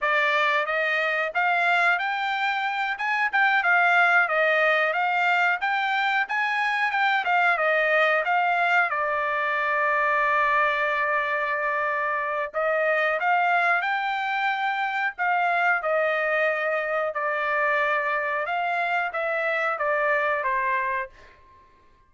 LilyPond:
\new Staff \with { instrumentName = "trumpet" } { \time 4/4 \tempo 4 = 91 d''4 dis''4 f''4 g''4~ | g''8 gis''8 g''8 f''4 dis''4 f''8~ | f''8 g''4 gis''4 g''8 f''8 dis''8~ | dis''8 f''4 d''2~ d''8~ |
d''2. dis''4 | f''4 g''2 f''4 | dis''2 d''2 | f''4 e''4 d''4 c''4 | }